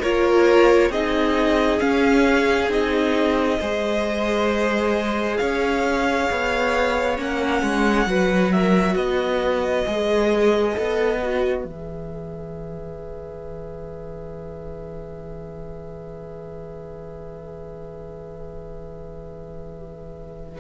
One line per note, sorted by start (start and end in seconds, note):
0.00 0.89 A#3
0.00 0.92 F4
0.00 0.90 A#4
0.00 0.92 C#5
0.89 1.79 C4
0.89 1.79 D#4
0.89 3.59 G#4
0.89 1.80 D#5
1.79 2.69 C#4
1.79 2.69 F5
2.69 3.58 C4
2.69 3.59 D#4
2.69 5.37 D#5
3.60 5.40 G#3
3.60 7.17 G#4
3.60 5.39 C5
5.37 6.30 C#4
5.37 8.09 C#5
5.37 7.16 F5
6.30 7.18 B3
7.17 7.62 A#3
7.17 8.07 C#4
7.17 8.52 F#5
7.62 8.06 G#3
8.06 8.95 F#3
8.06 9.86 F#4
8.06 8.54 B4
8.52 8.98 A#4
8.52 8.96 E5
8.95 9.85 B3
8.95 20.60 B4
8.95 11.64 D#5
9.86 10.76 G#3
9.86 10.73 G#4
10.73 11.65 B3
10.73 11.18 A4
11.22 11.66 F#4
11.64 20.60 E3
11.64 20.60 G#4
11.64 20.59 E5